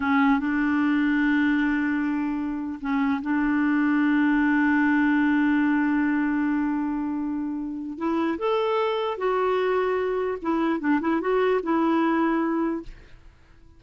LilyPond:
\new Staff \with { instrumentName = "clarinet" } { \time 4/4 \tempo 4 = 150 cis'4 d'2.~ | d'2. cis'4 | d'1~ | d'1~ |
d'1 | e'4 a'2 fis'4~ | fis'2 e'4 d'8 e'8 | fis'4 e'2. | }